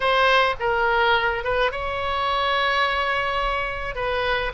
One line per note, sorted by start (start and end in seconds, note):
0.00 0.55 C5
0.59 1.44 A#4
1.44 1.71 B4
1.71 3.95 C#5
3.95 4.52 B4